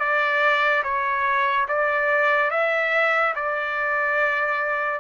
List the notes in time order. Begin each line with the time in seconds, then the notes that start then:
0.00 D5
0.84 C#5
1.69 D5
2.51 E5
3.36 D5